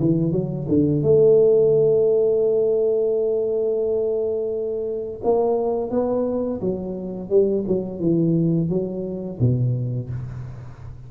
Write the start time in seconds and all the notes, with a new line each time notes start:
0.00 E3
0.32 F#3
0.68 D3
1.03 A3
5.24 A#3
5.91 B3
6.61 F#3
7.30 G3
7.68 F#3
8.00 E3
8.70 F#3
9.41 B2